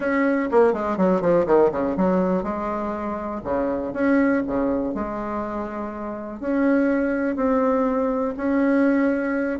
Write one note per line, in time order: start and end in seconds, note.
0.00 0.49 C#4
0.51 0.73 A#3
0.73 0.97 G#3
0.97 1.21 F#3
1.21 1.46 F3
1.46 1.71 D#3
1.71 1.96 C#3
1.96 2.43 F#3
2.43 3.41 G#3
3.44 3.93 C#3
3.93 4.42 C#4
4.46 4.94 C#3
4.94 6.40 G#3
6.40 7.36 C#4
7.36 8.34 C4
8.36 9.59 C#4